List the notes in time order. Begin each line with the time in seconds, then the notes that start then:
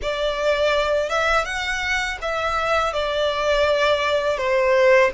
0.02 D5
1.09 E5
1.44 F#5
2.21 E5
2.93 D5
4.37 C5